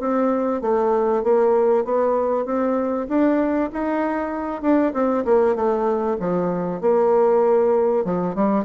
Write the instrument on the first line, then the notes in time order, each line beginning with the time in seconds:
bassoon
0.00 C4
0.62 A3
1.24 A#3
1.85 B3
2.46 C4
3.09 D4
3.73 D#4
4.62 D4
4.93 C4
5.25 A#3
5.55 A3
6.20 F3
6.81 A#3
8.05 F3
8.35 G3